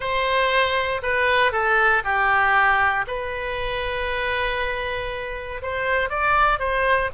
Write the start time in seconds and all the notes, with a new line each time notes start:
0.00 C5
1.02 B4
1.52 A4
2.04 G4
3.07 B4
5.62 C5
6.09 D5
6.59 C5